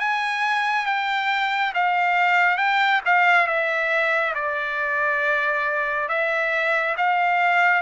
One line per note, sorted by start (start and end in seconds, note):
0.00 0.86 G#5
0.86 1.73 G5
1.74 2.57 F5
2.57 3.01 G5
3.05 3.47 F5
3.47 4.34 E5
4.34 6.08 D5
6.09 6.96 E5
6.97 7.81 F5